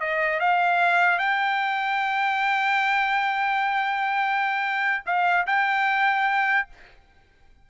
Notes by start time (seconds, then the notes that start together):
0.00 D#5
0.40 F5
1.18 G5
5.05 F5
5.46 G5